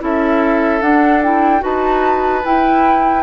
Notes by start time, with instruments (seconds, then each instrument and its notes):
0.00 bassoon C#4, clarinet E4, oboe A4, flute E5
0.82 bassoon D4, clarinet D4, flute F#5
1.23 clarinet E4, flute G5
1.60 bassoon D#4, clarinet F#4, oboe B4, flute A5
2.45 bassoon E4, clarinet E4, flute G5